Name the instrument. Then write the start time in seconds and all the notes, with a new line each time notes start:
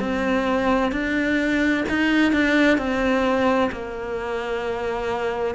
cello
0.00 C4
0.92 D4
1.89 D#4
2.33 D4
2.78 C4
3.72 A#3